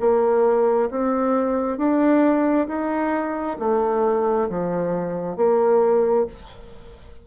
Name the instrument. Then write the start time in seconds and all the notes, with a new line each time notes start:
bassoon
0.00 A#3
0.90 C4
1.77 D4
2.68 D#4
3.59 A3
4.49 F3
5.36 A#3